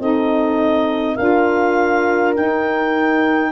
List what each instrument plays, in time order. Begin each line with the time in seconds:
0.00 tuba C4, saxophone D#4, horn A4, clarinet D#5
1.16 tuba D4, saxophone F4, horn A#4, clarinet F5
2.35 saxophone D#4, tuba D#4, clarinet G5